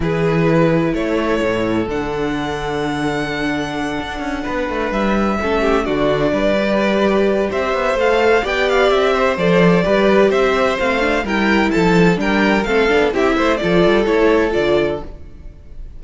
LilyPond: <<
  \new Staff \with { instrumentName = "violin" } { \time 4/4 \tempo 4 = 128 b'2 cis''2 | fis''1~ | fis''2~ fis''8 e''4.~ | e''8 d''2.~ d''8 |
e''4 f''4 g''8 f''8 e''4 | d''2 e''4 f''4 | g''4 a''4 g''4 f''4 | e''4 d''4 cis''4 d''4 | }
  \new Staff \with { instrumentName = "violin" } { \time 4/4 gis'2 a'2~ | a'1~ | a'4. b'2 a'8 | g'8 fis'4 b'2~ b'8 |
c''2 d''4. c''8~ | c''4 b'4 c''2 | ais'4 a'4 ais'4 a'4 | g'8 c''8 a'2. | }
  \new Staff \with { instrumentName = "viola" } { \time 4/4 e'1 | d'1~ | d'2.~ d'8 cis'8~ | cis'8 d'4. g'2~ |
g'4 a'4 g'2 | a'4 g'2 c'8 d'8 | e'2 d'4 c'8 d'8 | e'4 f'4 e'4 f'4 | }
  \new Staff \with { instrumentName = "cello" } { \time 4/4 e2 a4 a,4 | d1~ | d8 d'8 cis'8 b8 a8 g4 a8~ | a8 d4 g2~ g8 |
c'8 b8 a4 b4 c'4 | f4 g4 c'4 a4 | g4 f4 g4 a8 b8 | c'8 a8 f8 g8 a4 d4 | }
>>